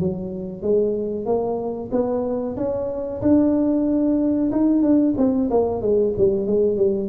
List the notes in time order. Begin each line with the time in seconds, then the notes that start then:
0.00 F#3
0.63 G#3
1.26 A#3
1.92 B3
2.57 C#4
3.22 D4
4.52 D#4
4.83 D4
5.18 C4
5.51 A#3
5.82 G#3
6.18 G3
6.47 G#3
6.77 G3